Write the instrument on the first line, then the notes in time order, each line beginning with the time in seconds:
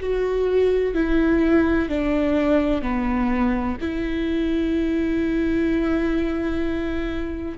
viola
0.00 F#4
0.94 E4
1.89 D4
2.82 B3
3.81 E4